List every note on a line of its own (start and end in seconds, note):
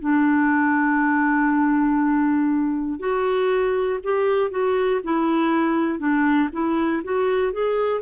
0.00 2.99 D4
2.99 3.99 F#4
4.04 4.51 G4
4.51 5.01 F#4
5.04 5.99 E4
5.99 6.49 D4
6.53 7.03 E4
7.04 7.53 F#4
7.53 8.01 G#4